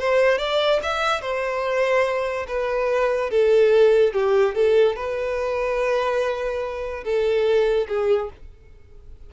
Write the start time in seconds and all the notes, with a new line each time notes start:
0.00 C5
0.39 D5
0.83 E5
1.22 C5
2.48 B4
3.31 A4
4.13 G4
4.55 A4
4.96 B4
7.04 A4
7.88 G#4